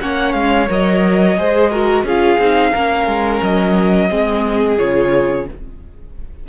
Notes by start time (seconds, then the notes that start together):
0.00 A#3 C#4 C#5 F#5
0.33 G#3 F5
0.67 F#3 A#4 D#5
1.37 G#3 G#4 C5
1.71 F#4 A#4
2.03 C#4 F4 G#4 F5
2.38 C4 D#4
2.72 A#3 C#4 A#4
3.07 G#3
3.42 F#3 D#5
4.09 G#3 C4 G#4
4.78 C#3 F4 C#5